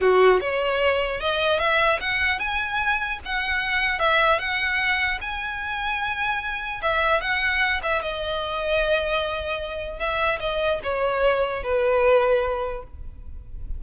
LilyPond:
\new Staff \with { instrumentName = "violin" } { \time 4/4 \tempo 4 = 150 fis'4 cis''2 dis''4 | e''4 fis''4 gis''2 | fis''2 e''4 fis''4~ | fis''4 gis''2.~ |
gis''4 e''4 fis''4. e''8 | dis''1~ | dis''4 e''4 dis''4 cis''4~ | cis''4 b'2. | }